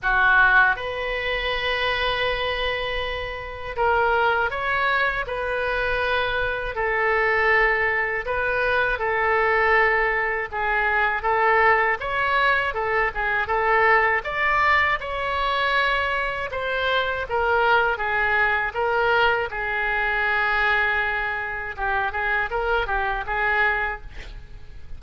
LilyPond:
\new Staff \with { instrumentName = "oboe" } { \time 4/4 \tempo 4 = 80 fis'4 b'2.~ | b'4 ais'4 cis''4 b'4~ | b'4 a'2 b'4 | a'2 gis'4 a'4 |
cis''4 a'8 gis'8 a'4 d''4 | cis''2 c''4 ais'4 | gis'4 ais'4 gis'2~ | gis'4 g'8 gis'8 ais'8 g'8 gis'4 | }